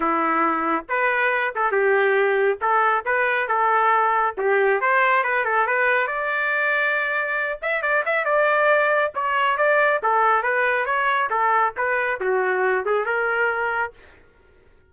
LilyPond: \new Staff \with { instrumentName = "trumpet" } { \time 4/4 \tempo 4 = 138 e'2 b'4. a'8 | g'2 a'4 b'4 | a'2 g'4 c''4 | b'8 a'8 b'4 d''2~ |
d''4. e''8 d''8 e''8 d''4~ | d''4 cis''4 d''4 a'4 | b'4 cis''4 a'4 b'4 | fis'4. gis'8 ais'2 | }